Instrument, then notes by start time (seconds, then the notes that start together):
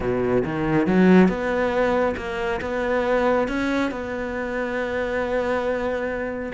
cello
0.00 B2
0.44 D#3
0.86 F#3
1.28 B3
2.17 A#3
2.61 B3
3.48 C#4
3.91 B3